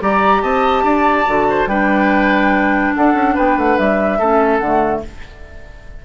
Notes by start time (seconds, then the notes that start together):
0.00 G3 G4 D5 A#5
0.41 C4 D#5 A5
0.83 D4 D5
1.26 D3 F#4
1.50 C5
1.66 G3 D4 B4 G5
2.94 D4 A4 F#5
3.13 C#4
3.34 B3 B4 G5
3.57 A3 F#5
3.78 G3 E5
4.18 A3 C#4 A4
4.58 D3 A3 F#5